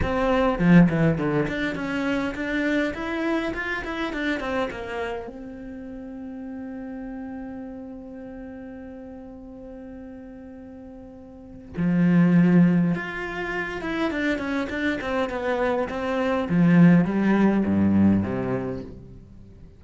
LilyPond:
\new Staff \with { instrumentName = "cello" } { \time 4/4 \tempo 4 = 102 c'4 f8 e8 d8 d'8 cis'4 | d'4 e'4 f'8 e'8 d'8 c'8 | ais4 c'2.~ | c'1~ |
c'1 | f2 f'4. e'8 | d'8 cis'8 d'8 c'8 b4 c'4 | f4 g4 g,4 c4 | }